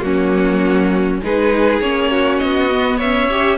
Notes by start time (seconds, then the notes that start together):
0.00 F#3 A#3 C#4 F#4
1.23 G#3 D#4 G#4 B4
1.81 A#3 C#4 C#5
2.11 F#4
2.39 B3 D#5
2.70 B3
2.97 C#4 C#5 E5
3.30 G4